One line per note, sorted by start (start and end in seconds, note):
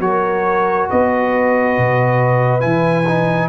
0.00 0.87 F#3
0.00 2.60 F#4
0.00 0.90 A#4
0.00 0.88 C#5
0.90 1.78 B3
0.90 3.49 B4
0.90 2.61 D#5
1.78 2.64 B2
2.60 3.49 E3
2.60 3.04 E4
2.60 3.48 G#5
3.08 3.49 D#4